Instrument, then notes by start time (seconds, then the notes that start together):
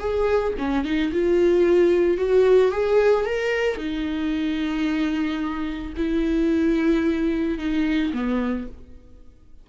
viola
0.00 G#4
0.59 C#4
0.85 D#4
1.13 F4
2.18 F#4
2.72 G#4
3.26 A#4
3.77 D#4
5.97 E4
7.59 D#4
8.14 B3